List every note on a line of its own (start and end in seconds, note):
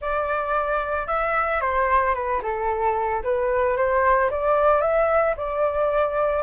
0.01 1.07 D5
1.07 1.60 E5
1.60 2.14 C5
2.14 2.41 B4
2.42 3.22 A4
3.23 3.76 B4
3.76 4.30 C5
4.30 4.81 D5
4.81 5.34 E5
5.36 6.42 D5